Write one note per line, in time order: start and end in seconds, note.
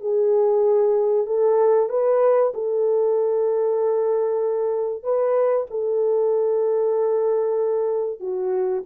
0.00 1.26 G#4
1.26 1.89 A4
1.89 2.52 B4
2.54 5.03 A4
5.03 5.66 B4
5.70 8.20 A4
8.20 8.83 F#4